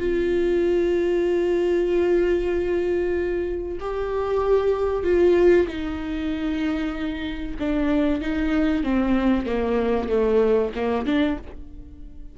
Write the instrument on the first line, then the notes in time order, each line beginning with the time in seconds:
viola
0.00 F4
3.81 G4
5.04 F4
5.68 D#4
7.60 D4
8.22 D#4
8.84 C4
9.47 A#3
10.09 A3
10.76 A#3
11.07 D4